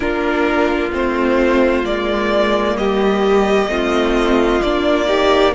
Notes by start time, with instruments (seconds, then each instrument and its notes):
0.00 cello A#3, viola D4, violin F4 A#4
0.92 cello A3, viola C4, violin C5
1.83 cello G#3, viola A#3, violin D5
2.75 cello G3, violin G4 D#5
3.67 cello A3, viola C4, violin F4
4.61 cello A#3, viola D4, violin D5
5.05 viola D#4, violin G4